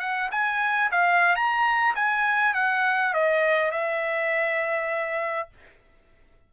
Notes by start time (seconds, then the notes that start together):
0.00 F#5
0.32 G#5
0.91 F5
1.36 A#5
1.95 G#5
2.54 F#5
3.14 D#5
3.71 E5